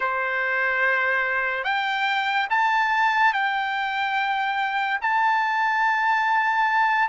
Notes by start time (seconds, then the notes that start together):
0.00 C5
1.64 G5
2.50 A5
3.33 G5
5.01 A5